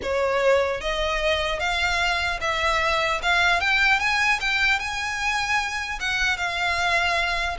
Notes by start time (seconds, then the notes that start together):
0.02 C#5
0.81 D#5
1.59 F5
2.41 E5
3.22 F5
3.60 G5
3.99 G#5
4.40 G5
4.79 G#5
6.00 F#5
6.37 F5